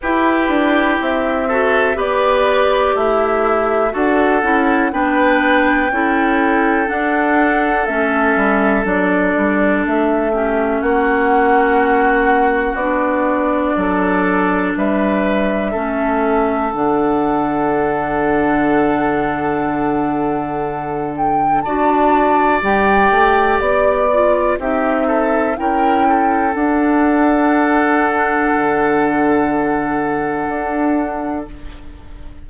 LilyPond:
<<
  \new Staff \with { instrumentName = "flute" } { \time 4/4 \tempo 4 = 61 b'4 e''4 d''4 e''4 | fis''4 g''2 fis''4 | e''4 d''4 e''4 fis''4~ | fis''4 d''2 e''4~ |
e''4 fis''2.~ | fis''4. g''8 a''4 g''4 | d''4 e''4 g''4 fis''4~ | fis''1 | }
  \new Staff \with { instrumentName = "oboe" } { \time 4/4 g'4. a'8 b'4 e'4 | a'4 b'4 a'2~ | a'2~ a'8 g'8 fis'4~ | fis'2 a'4 b'4 |
a'1~ | a'2 d''2~ | d''4 g'8 a'8 ais'8 a'4.~ | a'1 | }
  \new Staff \with { instrumentName = "clarinet" } { \time 4/4 e'4. fis'8 g'2 | fis'8 e'8 d'4 e'4 d'4 | cis'4 d'4. cis'4.~ | cis'4 d'2. |
cis'4 d'2.~ | d'2 fis'4 g'4~ | g'8 f'8 dis'4 e'4 d'4~ | d'1 | }
  \new Staff \with { instrumentName = "bassoon" } { \time 4/4 e'8 d'8 c'4 b4 a4 | d'8 cis'8 b4 cis'4 d'4 | a8 g8 fis8 g8 a4 ais4~ | ais4 b4 fis4 g4 |
a4 d2.~ | d2 d'4 g8 a8 | b4 c'4 cis'4 d'4~ | d'4 d2 d'4 | }
>>